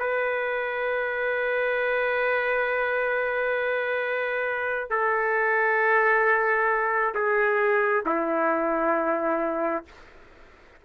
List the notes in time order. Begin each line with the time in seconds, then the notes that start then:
0.00 B4
4.91 A4
7.15 G#4
8.06 E4